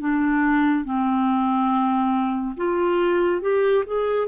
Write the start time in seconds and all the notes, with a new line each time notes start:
0.00 D4
0.85 C4
2.57 F4
3.42 G4
3.87 G#4